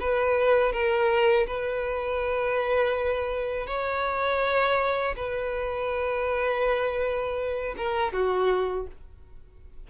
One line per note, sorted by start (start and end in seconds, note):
0.00 0.72 B4
0.72 1.46 A#4
1.47 3.67 B4
3.67 5.15 C#5
5.16 7.75 B4
7.77 8.13 A#4
8.13 8.87 F#4